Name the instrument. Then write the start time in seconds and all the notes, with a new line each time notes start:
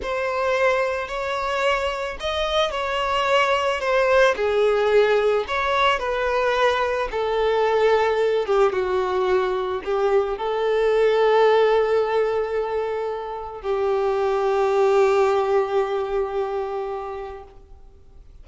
violin
0.02 C5
1.08 C#5
2.19 D#5
2.71 C#5
3.80 C5
4.36 G#4
5.47 C#5
5.99 B4
7.11 A4
8.46 G4
8.72 F#4
9.84 G4
10.37 A4
13.61 G4